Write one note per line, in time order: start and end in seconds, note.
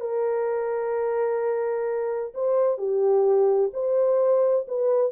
0.00 2.33 A#4
2.34 2.77 C5
2.77 3.70 G4
3.73 4.66 C5
4.67 5.11 B4